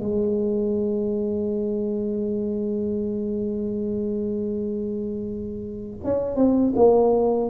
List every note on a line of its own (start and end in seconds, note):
0.00 6.00 G#3
6.04 6.36 C#4
6.36 6.74 C4
6.76 7.50 A#3